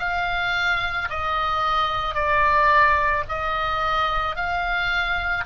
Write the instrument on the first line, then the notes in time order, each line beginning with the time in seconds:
oboe
0.00 F5
1.10 D#5
2.15 D5
3.29 D#5
4.36 F5